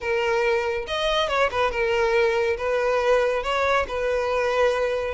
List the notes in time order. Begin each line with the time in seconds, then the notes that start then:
0.00 A#4
0.87 D#5
1.28 C#5
1.51 B4
1.71 A#4
2.57 B4
3.43 C#5
3.87 B4